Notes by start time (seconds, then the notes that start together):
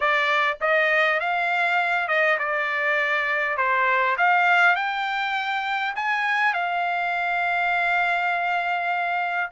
0.00 D5
0.60 D#5
1.20 F5
2.07 D#5
2.38 D5
3.57 C5
4.17 F5
4.75 G5
5.95 G#5
6.53 F5